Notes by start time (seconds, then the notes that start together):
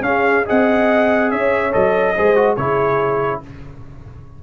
0.00 C#4 G#4 F5
0.45 C4 G#4 D#5 F#5
1.30 C#4 C#5 E5
1.72 F#3 A4 D#5
2.15 G#3 G#4 C5
2.35 F#4
2.56 C#3 E4 G#4 C#5